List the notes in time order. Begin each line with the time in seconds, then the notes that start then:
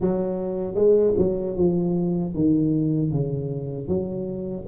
0.00 F#3
0.74 G#3
1.17 F#3
1.56 F3
2.34 D#3
3.11 C#3
3.87 F#3